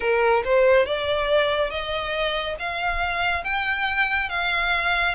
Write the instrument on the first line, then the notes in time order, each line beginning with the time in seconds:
violin
0.00 A#4
0.44 C5
0.86 D5
1.70 D#5
2.59 F5
3.44 G5
4.29 F5